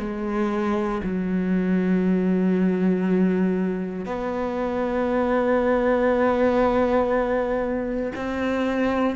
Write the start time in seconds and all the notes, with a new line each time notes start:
0.00 G#3
1.04 F#3
4.06 B3
8.16 C4